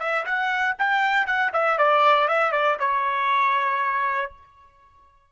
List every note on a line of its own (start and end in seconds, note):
0.00 0.25 E5
0.26 0.77 F#5
0.79 1.27 G5
1.27 1.52 F#5
1.53 1.79 E5
1.79 2.29 D5
2.29 2.52 E5
2.52 2.78 D5
2.80 4.32 C#5